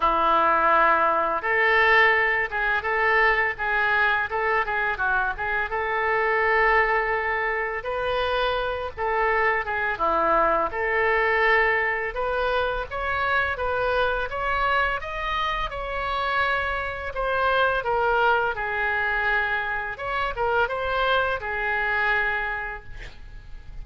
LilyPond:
\new Staff \with { instrumentName = "oboe" } { \time 4/4 \tempo 4 = 84 e'2 a'4. gis'8 | a'4 gis'4 a'8 gis'8 fis'8 gis'8 | a'2. b'4~ | b'8 a'4 gis'8 e'4 a'4~ |
a'4 b'4 cis''4 b'4 | cis''4 dis''4 cis''2 | c''4 ais'4 gis'2 | cis''8 ais'8 c''4 gis'2 | }